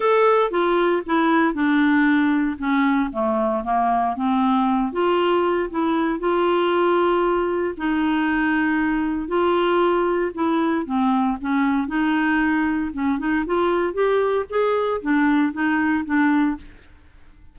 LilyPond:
\new Staff \with { instrumentName = "clarinet" } { \time 4/4 \tempo 4 = 116 a'4 f'4 e'4 d'4~ | d'4 cis'4 a4 ais4 | c'4. f'4. e'4 | f'2. dis'4~ |
dis'2 f'2 | e'4 c'4 cis'4 dis'4~ | dis'4 cis'8 dis'8 f'4 g'4 | gis'4 d'4 dis'4 d'4 | }